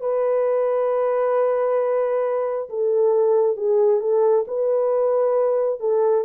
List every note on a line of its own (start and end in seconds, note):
0.00 2.69 B4
2.69 3.56 A4
3.56 4.00 G#4
4.00 4.45 A4
4.47 5.80 B4
5.80 6.24 A4